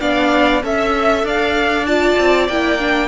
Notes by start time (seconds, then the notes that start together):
0.00 B3 D4 D5 F5
0.62 C#4 A4 E5
1.23 D4 D5 F5
1.85 F4 A5
2.18 C4
2.48 A#3 E4 G5
2.79 D4